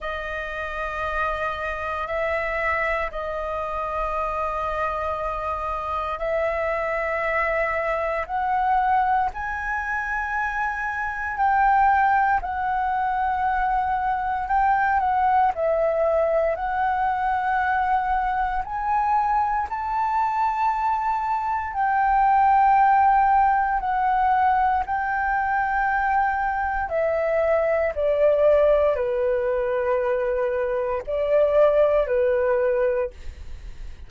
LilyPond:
\new Staff \with { instrumentName = "flute" } { \time 4/4 \tempo 4 = 58 dis''2 e''4 dis''4~ | dis''2 e''2 | fis''4 gis''2 g''4 | fis''2 g''8 fis''8 e''4 |
fis''2 gis''4 a''4~ | a''4 g''2 fis''4 | g''2 e''4 d''4 | b'2 d''4 b'4 | }